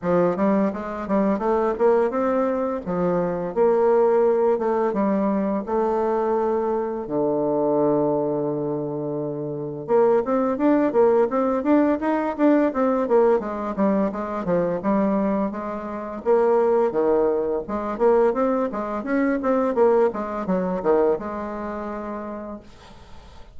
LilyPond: \new Staff \with { instrumentName = "bassoon" } { \time 4/4 \tempo 4 = 85 f8 g8 gis8 g8 a8 ais8 c'4 | f4 ais4. a8 g4 | a2 d2~ | d2 ais8 c'8 d'8 ais8 |
c'8 d'8 dis'8 d'8 c'8 ais8 gis8 g8 | gis8 f8 g4 gis4 ais4 | dis4 gis8 ais8 c'8 gis8 cis'8 c'8 | ais8 gis8 fis8 dis8 gis2 | }